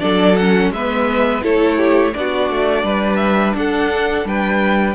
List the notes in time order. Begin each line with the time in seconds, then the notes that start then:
0.00 F#3 D4 A4 D5
0.36 C#4 F#5
0.71 G#3 B3 B4 E5
1.42 A3 E4 A4 C#5
1.78 G4
2.14 B3 D4 F#4 D5
2.50 A3
2.83 G3 B4
3.16 E5
3.55 D4 A4 F#5
4.25 G3 B4 G5